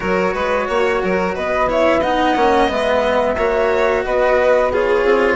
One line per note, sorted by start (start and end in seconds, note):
0.00 0.34 F#3
0.00 1.66 F#4
0.00 0.33 A#4
0.00 1.34 C#5
0.33 0.68 G#3
0.33 0.67 B4
0.68 1.02 A#3
0.68 1.02 C#5
1.03 1.36 F#3
1.03 1.35 A#4
1.35 2.36 B3
1.35 1.68 B4
1.35 1.69 D#5
1.67 2.01 E4
1.67 2.00 C#5
1.67 2.02 E5
2.00 2.36 D#4
2.00 3.35 D#5
2.00 2.70 F#5
2.36 2.69 A#3
2.36 2.68 C#4
2.68 3.36 G#3
2.68 3.36 B3
2.68 4.04 E5
3.37 4.04 A#3
3.37 4.73 F#4
3.37 4.04 C#5
4.04 5.04 B3
4.04 4.71 B4
4.04 4.71 D#5
4.71 5.35 F4
4.71 5.35 G#4
4.71 5.35 C#5
5.04 5.35 C4